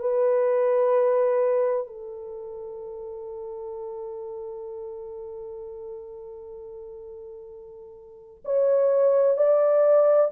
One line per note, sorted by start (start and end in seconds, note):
0.00 1.87 B4
1.87 8.43 A4
8.45 9.37 C#5
9.37 10.31 D5